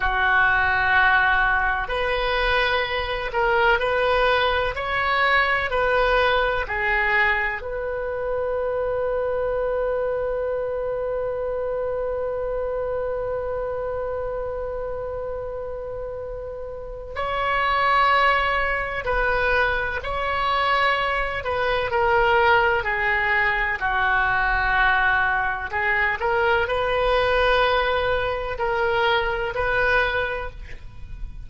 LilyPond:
\new Staff \with { instrumentName = "oboe" } { \time 4/4 \tempo 4 = 63 fis'2 b'4. ais'8 | b'4 cis''4 b'4 gis'4 | b'1~ | b'1~ |
b'2 cis''2 | b'4 cis''4. b'8 ais'4 | gis'4 fis'2 gis'8 ais'8 | b'2 ais'4 b'4 | }